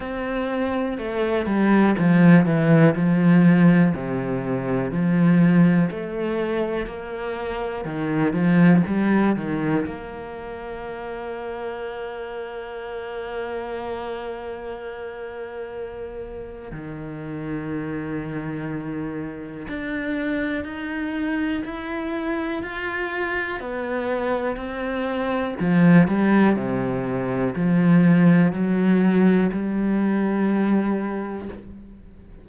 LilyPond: \new Staff \with { instrumentName = "cello" } { \time 4/4 \tempo 4 = 61 c'4 a8 g8 f8 e8 f4 | c4 f4 a4 ais4 | dis8 f8 g8 dis8 ais2~ | ais1~ |
ais4 dis2. | d'4 dis'4 e'4 f'4 | b4 c'4 f8 g8 c4 | f4 fis4 g2 | }